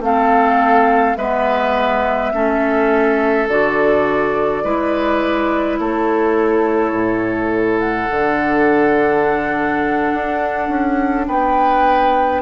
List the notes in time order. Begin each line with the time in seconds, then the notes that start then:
0.00 A3 C4 A4 F5
1.17 G#3 B3 B4 E5
2.33 A3 C#4 A4
3.48 D3 F#4 D5
4.64 G#3 E4 B4
5.79 A3 A4 C#5
6.92 A2
7.80 F#5
8.11 D3 D4
10.14 D4
10.69 C#4
11.28 B3 B4 G5